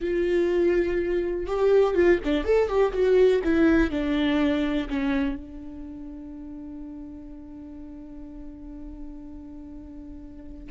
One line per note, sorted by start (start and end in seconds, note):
0.00 1.46 F4
1.46 1.94 G4
1.94 2.19 F4
2.24 2.44 D4
2.44 2.67 A4
2.67 2.92 G4
2.93 3.41 F#4
3.44 3.90 E4
3.90 4.88 D4
4.89 5.35 C#4
5.35 10.70 D4